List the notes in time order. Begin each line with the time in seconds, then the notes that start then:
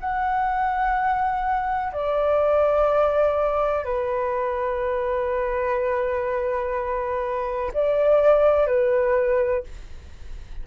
0.00 F#5
1.93 D5
3.85 B4
7.74 D5
8.67 B4